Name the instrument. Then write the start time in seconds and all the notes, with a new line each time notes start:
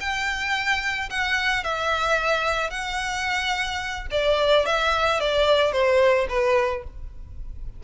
violin
0.00 G5
1.10 F#5
1.64 E5
2.70 F#5
4.11 D5
4.66 E5
5.20 D5
5.72 C5
6.29 B4